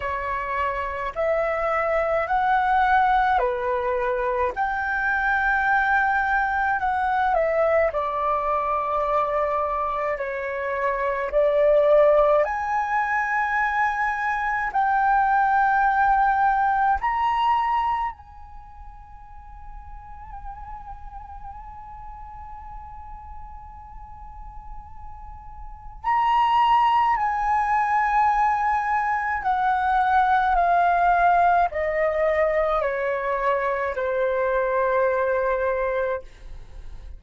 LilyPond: \new Staff \with { instrumentName = "flute" } { \time 4/4 \tempo 4 = 53 cis''4 e''4 fis''4 b'4 | g''2 fis''8 e''8 d''4~ | d''4 cis''4 d''4 gis''4~ | gis''4 g''2 ais''4 |
gis''1~ | gis''2. ais''4 | gis''2 fis''4 f''4 | dis''4 cis''4 c''2 | }